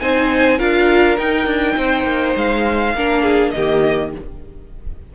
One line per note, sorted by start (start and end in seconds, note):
0.00 0.60 C4
0.00 0.58 D#4
0.00 0.58 C5
0.00 0.59 G#5
0.58 1.18 D4
0.58 1.17 F4
0.58 1.75 A#4
0.58 1.18 F5
1.18 1.46 D#4
1.18 2.96 D#4
1.18 2.36 G5
1.46 1.75 D4
1.76 2.04 C4
1.76 2.95 C5
2.04 2.34 A#3
2.36 2.94 G#3
2.36 3.51 F5
2.94 3.53 A#3
2.94 3.56 D4
2.94 3.23 A#4
3.23 3.52 G#4
3.51 4.15 D#3
3.51 4.15 A#3
3.51 4.14 G4
3.51 4.10 D#5